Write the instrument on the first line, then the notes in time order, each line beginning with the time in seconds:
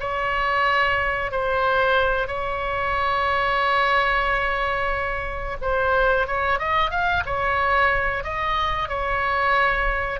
oboe
0.00 C#5
1.31 C5
2.27 C#5
5.61 C5
6.27 C#5
6.59 D#5
6.91 F5
7.26 C#5
8.24 D#5
8.89 C#5